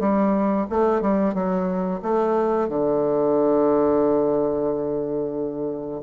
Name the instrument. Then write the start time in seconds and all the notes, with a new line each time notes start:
bassoon
0.00 G3
0.70 A3
1.02 G3
1.34 F#3
2.02 A3
2.69 D3